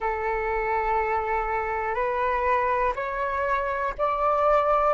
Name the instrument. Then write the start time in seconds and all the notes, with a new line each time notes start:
flute
0.00 A4
1.94 B4
2.95 C#5
3.97 D5